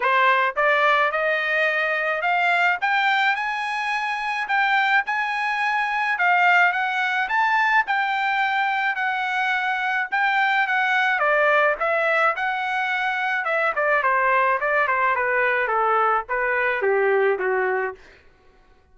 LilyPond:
\new Staff \with { instrumentName = "trumpet" } { \time 4/4 \tempo 4 = 107 c''4 d''4 dis''2 | f''4 g''4 gis''2 | g''4 gis''2 f''4 | fis''4 a''4 g''2 |
fis''2 g''4 fis''4 | d''4 e''4 fis''2 | e''8 d''8 c''4 d''8 c''8 b'4 | a'4 b'4 g'4 fis'4 | }